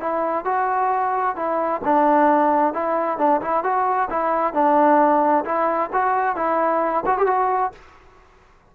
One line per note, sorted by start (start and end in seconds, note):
0.00 0.45 E4
0.45 1.36 F#4
1.36 1.81 E4
1.84 2.74 D4
2.74 3.18 E4
3.18 3.41 D4
3.41 3.63 E4
3.63 4.09 F#4
4.10 4.54 E4
4.54 5.44 D4
5.45 5.90 E4
5.93 6.36 F#4
6.36 7.04 E4
7.06 7.17 F#4
7.17 7.26 G4
7.26 7.72 F#4